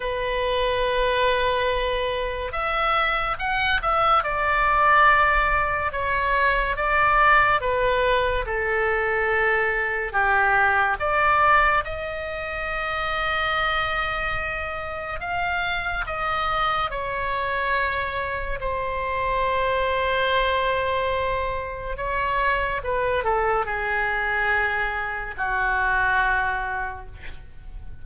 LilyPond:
\new Staff \with { instrumentName = "oboe" } { \time 4/4 \tempo 4 = 71 b'2. e''4 | fis''8 e''8 d''2 cis''4 | d''4 b'4 a'2 | g'4 d''4 dis''2~ |
dis''2 f''4 dis''4 | cis''2 c''2~ | c''2 cis''4 b'8 a'8 | gis'2 fis'2 | }